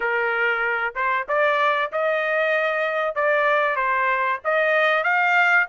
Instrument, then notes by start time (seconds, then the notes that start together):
trumpet
0.00 A#4
0.95 C5
1.28 D5
1.91 D#5
3.15 D5
3.76 C5
4.44 D#5
5.03 F5